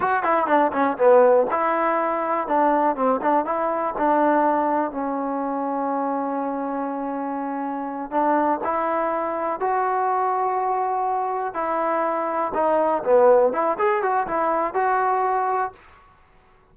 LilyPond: \new Staff \with { instrumentName = "trombone" } { \time 4/4 \tempo 4 = 122 fis'8 e'8 d'8 cis'8 b4 e'4~ | e'4 d'4 c'8 d'8 e'4 | d'2 cis'2~ | cis'1~ |
cis'8 d'4 e'2 fis'8~ | fis'2.~ fis'8 e'8~ | e'4. dis'4 b4 e'8 | gis'8 fis'8 e'4 fis'2 | }